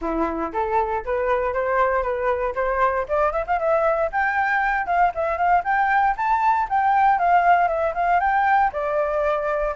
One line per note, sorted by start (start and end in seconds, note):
0.01 0.52 E4
0.53 1.04 A4
1.04 1.53 B4
1.53 2.02 C5
2.02 2.54 B4
2.55 3.06 C5
3.08 3.32 D5
3.32 3.45 E5
3.46 3.59 F5
3.59 4.10 E5
4.12 4.86 G5
4.86 5.11 F5
5.14 5.37 E5
5.37 5.63 F5
5.63 6.15 G5
6.16 6.68 A5
6.69 7.18 G5
7.18 7.68 F5
7.68 7.93 E5
7.94 8.20 F5
8.20 8.71 G5
8.72 9.74 D5